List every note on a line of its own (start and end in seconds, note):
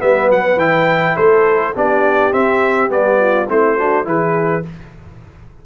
0.00 0.30 G3
0.00 0.58 B3
0.00 1.16 B4
0.00 0.31 E5
0.30 0.57 F#3
0.30 0.60 F#5
0.57 1.14 E3
0.57 1.75 E4
0.57 1.17 G5
1.16 1.75 A3
1.16 1.74 A4
1.16 1.75 C5
1.76 2.33 B3
1.76 2.32 D4
1.76 3.20 G4
1.76 2.34 D5
2.32 2.89 C4
2.32 2.91 C4
2.32 2.91 E5
2.89 3.48 G3
2.89 3.46 B3
2.89 3.50 D5
3.20 3.49 F4
3.49 4.06 A3
3.49 3.79 C4
3.49 3.78 E4
3.49 4.08 C5
3.78 4.05 D4
3.78 4.06 F#4
4.05 4.64 E3
4.05 4.63 E4
4.05 4.65 G#4
4.05 4.66 B4